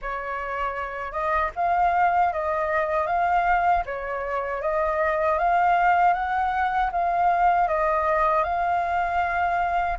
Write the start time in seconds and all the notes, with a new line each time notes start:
0.01 C#5
1.12 D#5
1.55 F5
2.32 D#5
3.06 F5
3.85 C#5
4.62 D#5
5.38 F5
6.13 F#5
6.92 F5
7.68 D#5
8.43 F5